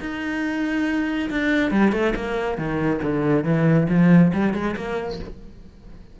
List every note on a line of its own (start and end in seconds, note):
0.00 1.29 D#4
1.30 1.71 D4
1.71 1.92 G3
1.92 2.13 A3
2.15 2.57 A#3
2.57 3.00 D#3
3.02 3.44 D3
3.44 3.87 E3
3.89 4.32 F3
4.33 4.54 G3
4.54 4.75 G#3
4.76 5.19 A#3